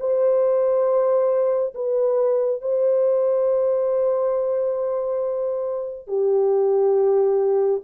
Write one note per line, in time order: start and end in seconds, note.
0.00 1.74 C5
1.75 2.62 B4
2.62 6.08 C5
6.08 7.82 G4